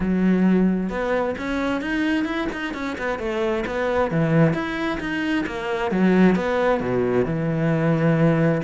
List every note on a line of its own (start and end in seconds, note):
0.00 0.89 F#3
0.89 1.35 B3
1.38 1.81 C#4
1.81 2.25 D#4
2.25 2.47 E4
2.52 2.74 D#4
2.74 2.96 C#4
2.98 3.18 B3
3.18 3.64 A3
3.66 4.10 B3
4.10 4.53 E3
4.53 4.99 E4
5.00 5.45 D#4
5.46 5.91 A#3
5.91 6.35 F#3
6.35 6.80 B3
6.80 7.25 B2
7.25 8.61 E3